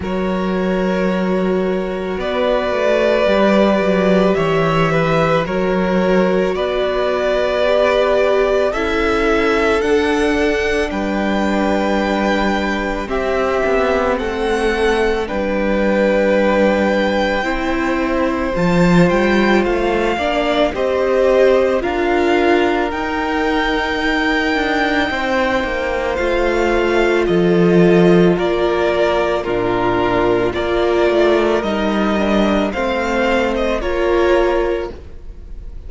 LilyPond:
<<
  \new Staff \with { instrumentName = "violin" } { \time 4/4 \tempo 4 = 55 cis''2 d''2 | e''4 cis''4 d''2 | e''4 fis''4 g''2 | e''4 fis''4 g''2~ |
g''4 a''8 g''8 f''4 dis''4 | f''4 g''2. | f''4 dis''4 d''4 ais'4 | d''4 dis''4 f''8. dis''16 cis''4 | }
  \new Staff \with { instrumentName = "violin" } { \time 4/4 ais'2 b'2 | cis''8 b'8 ais'4 b'2 | a'2 b'2 | g'4 a'4 b'2 |
c''2~ c''8 d''8 c''4 | ais'2. c''4~ | c''4 a'4 ais'4 f'4 | ais'2 c''4 ais'4 | }
  \new Staff \with { instrumentName = "viola" } { \time 4/4 fis'2. g'4~ | g'4 fis'2 g'4 | e'4 d'2. | c'2 d'2 |
e'4 f'4. d'8 g'4 | f'4 dis'2. | f'2. d'4 | f'4 dis'8 d'8 c'4 f'4 | }
  \new Staff \with { instrumentName = "cello" } { \time 4/4 fis2 b8 a8 g8 fis8 | e4 fis4 b2 | cis'4 d'4 g2 | c'8 b8 a4 g2 |
c'4 f8 g8 a8 ais8 c'4 | d'4 dis'4. d'8 c'8 ais8 | a4 f4 ais4 ais,4 | ais8 a8 g4 a4 ais4 | }
>>